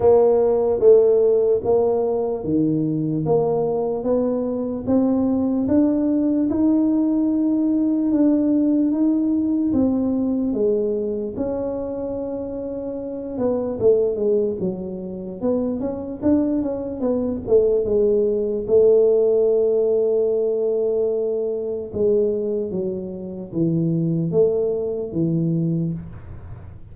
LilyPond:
\new Staff \with { instrumentName = "tuba" } { \time 4/4 \tempo 4 = 74 ais4 a4 ais4 dis4 | ais4 b4 c'4 d'4 | dis'2 d'4 dis'4 | c'4 gis4 cis'2~ |
cis'8 b8 a8 gis8 fis4 b8 cis'8 | d'8 cis'8 b8 a8 gis4 a4~ | a2. gis4 | fis4 e4 a4 e4 | }